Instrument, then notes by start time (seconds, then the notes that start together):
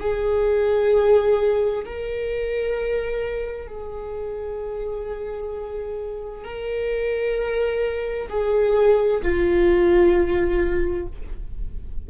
viola
0.00 G#4
1.85 A#4
3.67 G#4
6.44 A#4
8.29 G#4
9.22 F4